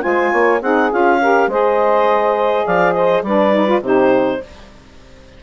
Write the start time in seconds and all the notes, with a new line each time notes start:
0.00 G#3 F4 C5 G#5
0.30 A#3 C#5
0.59 C4 D#4 G#4 F#5
0.91 C#4 F4 F5
1.20 G4 A#4
1.47 G#3 G#4 C5 D#5
2.65 F3 D5 F5
2.92 C5 D#5
3.22 G3 D4 B4 D5
3.53 D#4
3.66 F4
3.80 C3 D#4 G4 C5